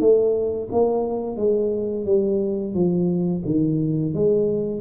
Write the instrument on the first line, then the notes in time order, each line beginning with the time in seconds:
tuba
0.00 A3
0.72 A#3
1.37 G#3
2.05 G3
2.74 F3
3.45 D#3
4.14 G#3